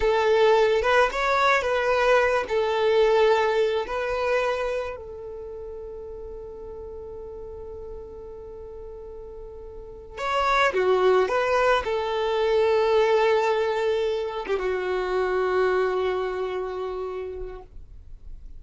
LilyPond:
\new Staff \with { instrumentName = "violin" } { \time 4/4 \tempo 4 = 109 a'4. b'8 cis''4 b'4~ | b'8 a'2~ a'8 b'4~ | b'4 a'2.~ | a'1~ |
a'2~ a'8 cis''4 fis'8~ | fis'8 b'4 a'2~ a'8~ | a'2~ a'16 g'16 fis'4.~ | fis'1 | }